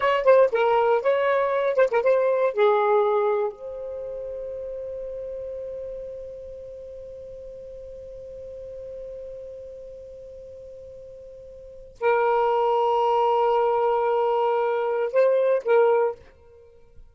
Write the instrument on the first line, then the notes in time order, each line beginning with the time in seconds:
saxophone
0.00 C#5
0.24 C5
0.52 A#4
1.02 C#5
1.75 C5
1.91 A#4
2.03 C5
2.53 G#4
3.52 C5
12.00 A#4
15.12 C5
15.64 A#4